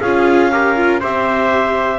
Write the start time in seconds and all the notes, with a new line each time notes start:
0.00 C#4 F4 G#4 F5
0.52 G4 A#4
0.76 F4
1.01 C4 G4 C5 E5